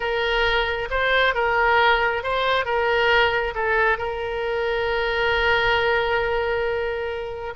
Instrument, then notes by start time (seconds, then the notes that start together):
oboe
0.00 A#4
0.90 C5
1.34 A#4
2.23 C5
2.65 A#4
3.54 A4
3.98 A#4